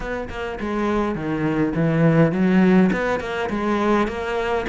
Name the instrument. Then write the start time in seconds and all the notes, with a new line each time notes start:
cello
0.00 B3
0.29 A#3
0.60 G#3
1.15 D#3
1.75 E3
2.31 F#3
2.92 B3
3.20 A#3
3.50 G#3
4.07 A#3